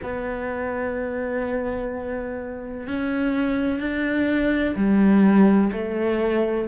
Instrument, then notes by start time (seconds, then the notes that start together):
cello
0.03 B3
2.87 C#4
3.79 D4
4.76 G3
5.72 A3